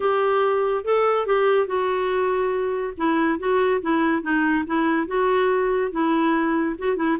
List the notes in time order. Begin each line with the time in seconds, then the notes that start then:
0.00 G4
0.84 A4
1.26 G4
1.66 F#4
2.97 E4
3.39 F#4
3.81 E4
4.22 D#4
4.66 E4
5.07 F#4
5.91 E4
6.78 F#4
6.96 E4